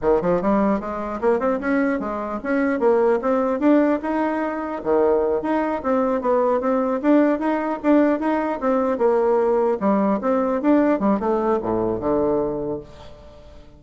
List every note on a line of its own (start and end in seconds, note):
0.01 0.21 D#3
0.21 0.41 F3
0.41 0.80 G3
0.80 1.20 G#3
1.20 1.39 A#3
1.39 1.59 C4
1.59 1.99 C#4
1.99 2.39 G#3
2.43 2.79 C#4
2.79 3.19 A#3
3.21 3.59 C4
3.59 3.99 D4
4.02 4.82 D#4
4.83 5.42 D#3
5.42 5.82 D#4
5.82 6.21 C4
6.21 6.60 B3
6.60 7.00 C4
7.01 7.39 D4
7.39 7.79 D#4
7.82 8.19 D4
8.19 8.59 D#4
8.60 8.97 C4
8.97 9.77 A#3
9.80 10.20 G3
10.21 10.61 C4
10.61 10.99 D4
10.99 11.19 G3
11.19 11.59 A3
11.62 12.00 A2
12.00 12.80 D3